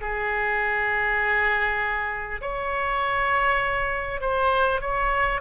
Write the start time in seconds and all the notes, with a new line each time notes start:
0.00 G#4
2.41 C#5
4.21 C5
4.80 C#5